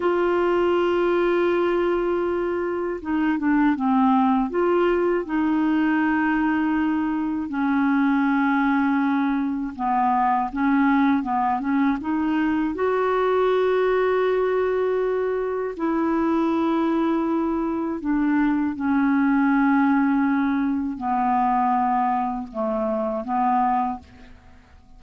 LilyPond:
\new Staff \with { instrumentName = "clarinet" } { \time 4/4 \tempo 4 = 80 f'1 | dis'8 d'8 c'4 f'4 dis'4~ | dis'2 cis'2~ | cis'4 b4 cis'4 b8 cis'8 |
dis'4 fis'2.~ | fis'4 e'2. | d'4 cis'2. | b2 a4 b4 | }